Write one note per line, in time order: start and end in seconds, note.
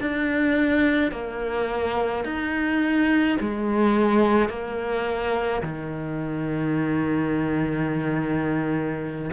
0.00 1.11 D4
1.11 2.24 A#3
2.24 3.38 D#4
3.40 4.49 G#3
4.49 5.62 A#3
5.62 9.30 D#3